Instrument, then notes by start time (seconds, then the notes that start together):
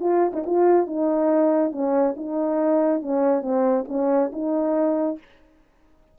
horn
0.00 F4
0.33 D#4
0.46 F4
0.87 D#4
1.72 C#4
2.16 D#4
3.02 C#4
3.42 C4
3.88 C#4
4.32 D#4